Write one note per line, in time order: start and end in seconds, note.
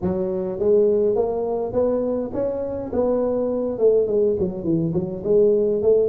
0.01 0.59 F#3
0.59 1.15 G#3
1.15 1.72 A#3
1.72 2.31 B3
2.33 2.91 C#4
2.93 3.78 B3
3.78 4.07 A3
4.07 4.36 G#3
4.39 4.63 F#3
4.63 4.92 E3
4.93 5.22 F#3
5.24 5.82 G#3
5.82 6.09 A3